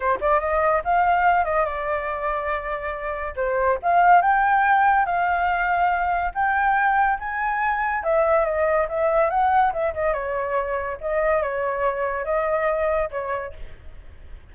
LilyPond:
\new Staff \with { instrumentName = "flute" } { \time 4/4 \tempo 4 = 142 c''8 d''8 dis''4 f''4. dis''8 | d''1 | c''4 f''4 g''2 | f''2. g''4~ |
g''4 gis''2 e''4 | dis''4 e''4 fis''4 e''8 dis''8 | cis''2 dis''4 cis''4~ | cis''4 dis''2 cis''4 | }